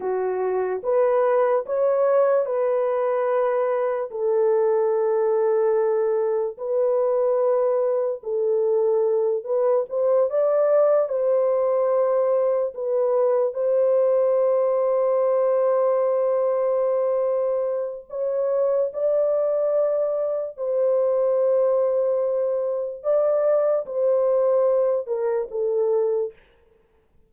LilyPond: \new Staff \with { instrumentName = "horn" } { \time 4/4 \tempo 4 = 73 fis'4 b'4 cis''4 b'4~ | b'4 a'2. | b'2 a'4. b'8 | c''8 d''4 c''2 b'8~ |
b'8 c''2.~ c''8~ | c''2 cis''4 d''4~ | d''4 c''2. | d''4 c''4. ais'8 a'4 | }